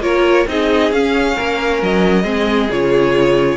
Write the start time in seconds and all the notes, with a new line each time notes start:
0.00 A#3 F4 A#4 C#5
0.47 C4 D#4 G#4 D#5
0.91 C#4 F5
1.35 A#3 A#4
1.82 F#3 D#5
2.23 G#3 C4 G#4
2.70 C#3 F4 C#5